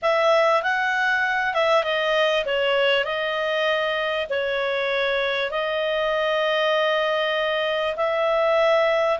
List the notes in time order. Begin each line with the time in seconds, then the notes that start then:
0.01 E5
0.62 F#5
1.54 E5
1.83 D#5
2.45 C#5
3.04 D#5
4.29 C#5
5.50 D#5
7.96 E5